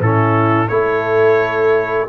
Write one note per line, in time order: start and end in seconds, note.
0.00 0.69 A2
0.00 0.69 C#4
0.00 0.69 E4
0.00 0.68 A4
0.68 2.08 A3
0.68 2.07 E4
0.68 2.07 A4
0.68 2.06 C#5